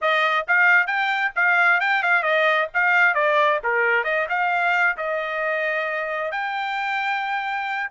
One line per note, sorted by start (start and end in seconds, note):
0.01 0.46 D#5
0.47 0.86 F5
0.86 1.31 G5
1.35 1.80 F5
1.80 2.02 G5
2.02 2.22 F5
2.22 2.68 D#5
2.74 3.14 F5
3.14 3.59 D5
3.63 4.04 A#4
4.04 4.26 D#5
4.29 4.96 F5
4.97 6.31 D#5
6.31 7.89 G5